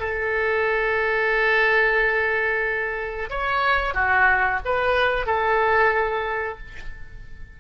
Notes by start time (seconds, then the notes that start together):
0.00 A4
3.30 C#5
3.94 F#4
4.65 B4
5.26 A4